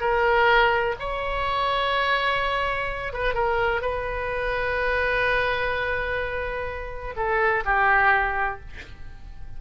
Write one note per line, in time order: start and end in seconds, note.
0.00 0.95 A#4
0.99 3.13 C#5
3.13 3.34 B4
3.34 3.81 A#4
3.81 7.15 B4
7.16 7.64 A4
7.65 8.60 G4